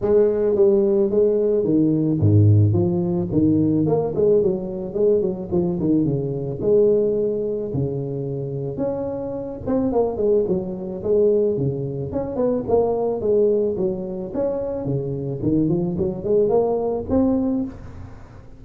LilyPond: \new Staff \with { instrumentName = "tuba" } { \time 4/4 \tempo 4 = 109 gis4 g4 gis4 dis4 | gis,4 f4 dis4 ais8 gis8 | fis4 gis8 fis8 f8 dis8 cis4 | gis2 cis2 |
cis'4. c'8 ais8 gis8 fis4 | gis4 cis4 cis'8 b8 ais4 | gis4 fis4 cis'4 cis4 | dis8 f8 fis8 gis8 ais4 c'4 | }